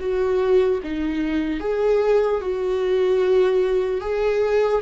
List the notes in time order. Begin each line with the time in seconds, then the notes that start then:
0.00 F#4
0.84 D#4
1.60 G#4
2.41 F#4
4.01 G#4